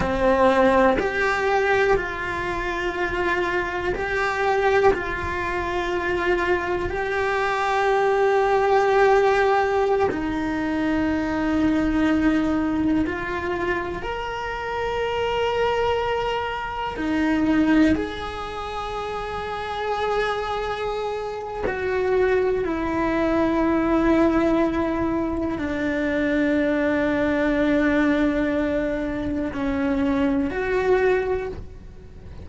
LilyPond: \new Staff \with { instrumentName = "cello" } { \time 4/4 \tempo 4 = 61 c'4 g'4 f'2 | g'4 f'2 g'4~ | g'2~ g'16 dis'4.~ dis'16~ | dis'4~ dis'16 f'4 ais'4.~ ais'16~ |
ais'4~ ais'16 dis'4 gis'4.~ gis'16~ | gis'2 fis'4 e'4~ | e'2 d'2~ | d'2 cis'4 fis'4 | }